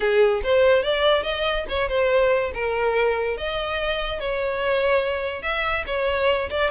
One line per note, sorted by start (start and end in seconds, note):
0.00 0.41 G#4
0.43 0.83 C5
0.83 1.23 D5
1.23 1.65 D#5
1.68 1.88 C#5
1.88 2.51 C5
2.54 3.37 A#4
3.37 4.20 D#5
4.20 5.42 C#5
5.42 5.84 E5
5.86 6.49 C#5
6.49 6.70 D5